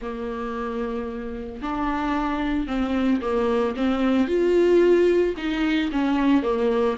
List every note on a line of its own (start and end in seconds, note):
0.01 1.62 A#3
1.62 2.67 D4
2.67 3.20 C4
3.21 3.75 A#3
3.76 4.27 C4
4.27 5.34 F4
5.37 5.90 D#4
5.92 6.42 C#4
6.42 6.96 A#3